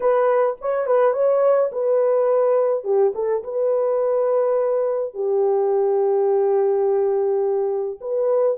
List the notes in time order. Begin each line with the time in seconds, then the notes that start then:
0.00 B4
0.61 C#5
0.86 B4
1.13 C#5
1.71 B4
2.84 G4
3.14 A4
3.43 B4
5.14 G4
8.01 B4